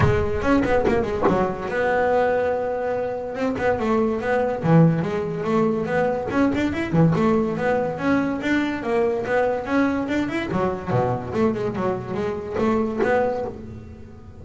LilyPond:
\new Staff \with { instrumentName = "double bass" } { \time 4/4 \tempo 4 = 143 gis4 cis'8 b8 ais8 gis8 fis4 | b1 | c'8 b8 a4 b4 e4 | gis4 a4 b4 cis'8 d'8 |
e'8 e8 a4 b4 cis'4 | d'4 ais4 b4 cis'4 | d'8 e'8 fis4 b,4 a8 gis8 | fis4 gis4 a4 b4 | }